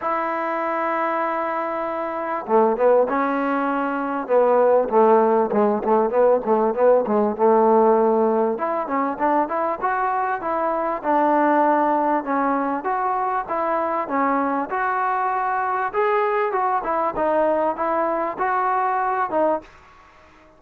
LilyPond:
\new Staff \with { instrumentName = "trombone" } { \time 4/4 \tempo 4 = 98 e'1 | a8 b8 cis'2 b4 | a4 gis8 a8 b8 a8 b8 gis8 | a2 e'8 cis'8 d'8 e'8 |
fis'4 e'4 d'2 | cis'4 fis'4 e'4 cis'4 | fis'2 gis'4 fis'8 e'8 | dis'4 e'4 fis'4. dis'8 | }